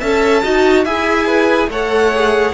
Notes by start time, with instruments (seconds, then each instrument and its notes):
0.00 cello C#4, viola A4, violin E5 A5
0.43 cello D#4, viola F#4, violin D#5
0.85 cello E4, viola G#4, violin E5 G#5
1.27 violin B4
1.68 cello A3, viola A4, violin C#5 F#5
2.15 viola G#4